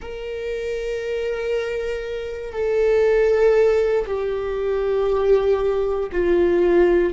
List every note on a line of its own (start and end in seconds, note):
0.01 2.52 A#4
2.52 4.05 A4
4.06 6.10 G4
6.12 7.13 F4